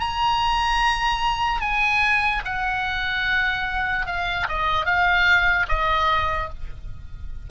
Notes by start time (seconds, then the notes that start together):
0.00 A#5
1.61 G#5
2.45 F#5
4.07 F5
4.49 D#5
4.85 F5
5.69 D#5